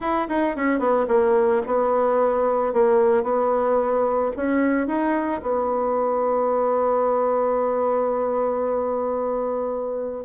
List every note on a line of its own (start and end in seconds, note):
0.00 0.27 E4
0.29 0.56 D#4
0.56 0.79 C#4
0.79 1.06 B3
1.08 1.62 A#3
1.66 2.73 B3
2.73 3.23 A#3
3.23 4.31 B3
4.36 4.87 C#4
4.87 5.41 D#4
5.42 10.24 B3